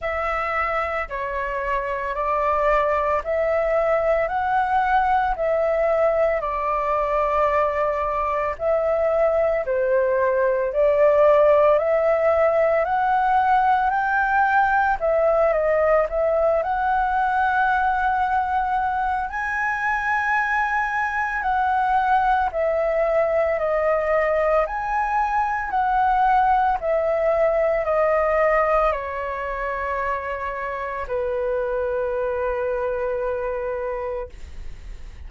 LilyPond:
\new Staff \with { instrumentName = "flute" } { \time 4/4 \tempo 4 = 56 e''4 cis''4 d''4 e''4 | fis''4 e''4 d''2 | e''4 c''4 d''4 e''4 | fis''4 g''4 e''8 dis''8 e''8 fis''8~ |
fis''2 gis''2 | fis''4 e''4 dis''4 gis''4 | fis''4 e''4 dis''4 cis''4~ | cis''4 b'2. | }